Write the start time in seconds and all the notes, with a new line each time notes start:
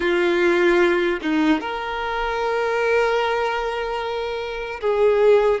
0.00 F4
1.22 D#4
1.60 A#4
4.80 G#4